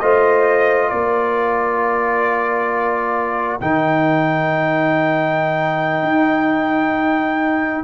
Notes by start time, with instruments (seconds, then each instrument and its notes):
0.00 tuba A3, trombone F4, horn C5, trumpet D#5
0.89 tuba A#3, horn A#4, trumpet D5
3.60 tuba D#3, trombone D#4, trumpet G5
6.03 tuba D#4